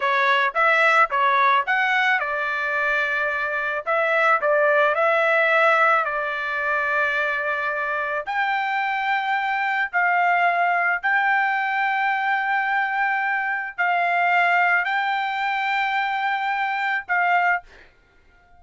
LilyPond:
\new Staff \with { instrumentName = "trumpet" } { \time 4/4 \tempo 4 = 109 cis''4 e''4 cis''4 fis''4 | d''2. e''4 | d''4 e''2 d''4~ | d''2. g''4~ |
g''2 f''2 | g''1~ | g''4 f''2 g''4~ | g''2. f''4 | }